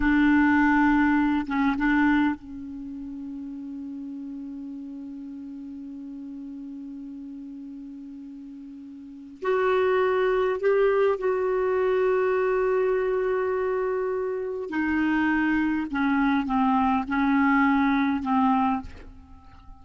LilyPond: \new Staff \with { instrumentName = "clarinet" } { \time 4/4 \tempo 4 = 102 d'2~ d'8 cis'8 d'4 | cis'1~ | cis'1~ | cis'1 |
fis'2 g'4 fis'4~ | fis'1~ | fis'4 dis'2 cis'4 | c'4 cis'2 c'4 | }